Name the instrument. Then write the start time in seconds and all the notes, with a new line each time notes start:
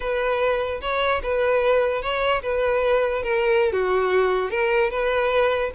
violin
0.00 B4
0.81 C#5
1.22 B4
2.02 C#5
2.42 B4
3.22 A#4
3.72 F#4
4.50 A#4
4.90 B4